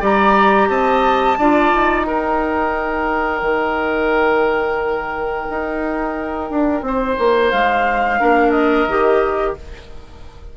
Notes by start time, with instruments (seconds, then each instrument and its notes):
0.00 bassoon G3, clarinet G4, oboe D5, flute A#5
0.68 bassoon C4, oboe D#5, flute A5
1.38 bassoon D4, clarinet F4, oboe D5
1.74 bassoon D#4
2.05 clarinet D#4, oboe A#4, flute G5
3.42 bassoon D#3
5.50 bassoon D#4
6.51 bassoon D4
6.82 bassoon C4, oboe C5
7.18 bassoon A#3
7.51 bassoon G#3, flute F5
8.19 bassoon A#3, clarinet D4, oboe A#4
8.51 flute D#5
8.87 bassoon D#3, clarinet G4